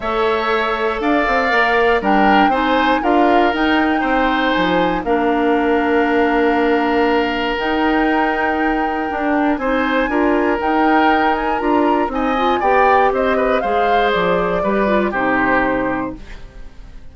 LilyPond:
<<
  \new Staff \with { instrumentName = "flute" } { \time 4/4 \tempo 4 = 119 e''2 f''2 | g''4 gis''4 f''4 g''4~ | g''4 gis''4 f''2~ | f''2. g''4~ |
g''2. gis''4~ | gis''4 g''4. gis''8 ais''4 | gis''4 g''4 dis''4 f''4 | d''2 c''2 | }
  \new Staff \with { instrumentName = "oboe" } { \time 4/4 cis''2 d''2 | ais'4 c''4 ais'2 | c''2 ais'2~ | ais'1~ |
ais'2. c''4 | ais'1 | dis''4 d''4 c''8 b'8 c''4~ | c''4 b'4 g'2 | }
  \new Staff \with { instrumentName = "clarinet" } { \time 4/4 a'2. ais'4 | d'4 dis'4 f'4 dis'4~ | dis'2 d'2~ | d'2. dis'4~ |
dis'2 d'4 dis'4 | f'4 dis'2 f'4 | dis'8 f'8 g'2 gis'4~ | gis'4 g'8 f'8 dis'2 | }
  \new Staff \with { instrumentName = "bassoon" } { \time 4/4 a2 d'8 c'8 ais4 | g4 c'4 d'4 dis'4 | c'4 f4 ais2~ | ais2. dis'4~ |
dis'2 d'4 c'4 | d'4 dis'2 d'4 | c'4 b4 c'4 gis4 | f4 g4 c2 | }
>>